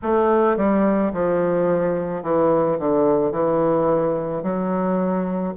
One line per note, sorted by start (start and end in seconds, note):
0.02 0.57 A3
0.57 1.12 G3
1.12 2.22 F3
2.22 2.78 E3
2.78 3.31 D3
3.31 4.42 E3
4.42 5.54 F#3